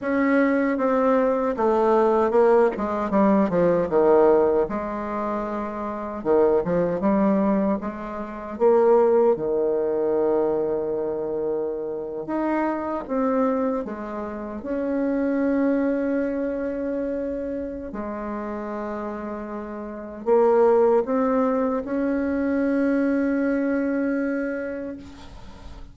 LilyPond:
\new Staff \with { instrumentName = "bassoon" } { \time 4/4 \tempo 4 = 77 cis'4 c'4 a4 ais8 gis8 | g8 f8 dis4 gis2 | dis8 f8 g4 gis4 ais4 | dis2.~ dis8. dis'16~ |
dis'8. c'4 gis4 cis'4~ cis'16~ | cis'2. gis4~ | gis2 ais4 c'4 | cis'1 | }